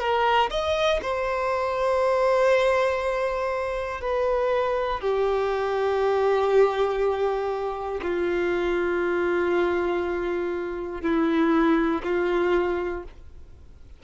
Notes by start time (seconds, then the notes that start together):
0.00 A#4
0.50 D#5
1.02 C5
4.02 B4
5.01 G4
8.02 F4
11.02 E4
12.04 F4